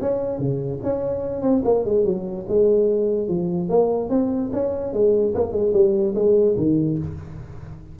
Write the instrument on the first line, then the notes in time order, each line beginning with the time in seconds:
tuba
0.00 C#4
0.38 C#3
0.83 C#4
1.41 C4
1.64 A#3
1.84 G#3
2.04 F#3
2.48 G#3
3.28 F3
3.69 A#3
4.09 C4
4.52 C#4
4.93 G#3
5.34 A#3
5.52 G#3
5.73 G3
6.14 G#3
6.57 D#3